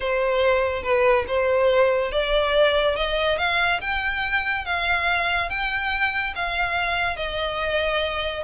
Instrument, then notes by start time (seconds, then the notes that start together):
violin
0.00 C5
0.83 B4
1.27 C5
2.11 D5
2.96 D#5
3.38 F5
3.80 G5
4.65 F5
5.49 G5
6.35 F5
7.16 D#5